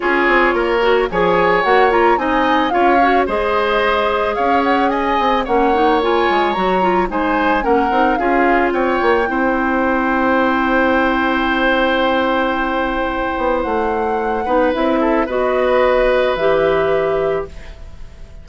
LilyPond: <<
  \new Staff \with { instrumentName = "flute" } { \time 4/4 \tempo 4 = 110 cis''2 gis''4 fis''8 ais''8 | gis''4 f''4 dis''2 | f''8 fis''8 gis''4 fis''4 gis''4 | ais''4 gis''4 fis''4 f''4 |
g''1~ | g''1~ | g''4 fis''2 e''4 | dis''2 e''2 | }
  \new Staff \with { instrumentName = "oboe" } { \time 4/4 gis'4 ais'4 cis''2 | dis''4 cis''4 c''2 | cis''4 dis''4 cis''2~ | cis''4 c''4 ais'4 gis'4 |
cis''4 c''2.~ | c''1~ | c''2~ c''8 b'4 a'8 | b'1 | }
  \new Staff \with { instrumentName = "clarinet" } { \time 4/4 f'4. fis'8 gis'4 fis'8 f'8 | dis'4 f'8 fis'8 gis'2~ | gis'2 cis'8 dis'8 f'4 | fis'8 f'8 dis'4 cis'8 dis'8 f'4~ |
f'4 e'2.~ | e'1~ | e'2~ e'8 dis'8 e'4 | fis'2 g'2 | }
  \new Staff \with { instrumentName = "bassoon" } { \time 4/4 cis'8 c'8 ais4 f4 ais4 | c'4 cis'4 gis2 | cis'4. c'8 ais4. gis8 | fis4 gis4 ais8 c'8 cis'4 |
c'8 ais8 c'2.~ | c'1~ | c'8 b8 a4. b8 c'4 | b2 e2 | }
>>